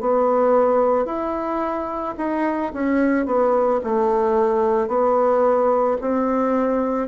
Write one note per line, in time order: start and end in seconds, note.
0.00 1.05 B3
1.05 2.14 E4
2.17 2.72 D#4
2.73 3.25 C#4
3.25 3.80 B3
3.83 4.87 A3
4.87 5.97 B3
6.01 7.08 C4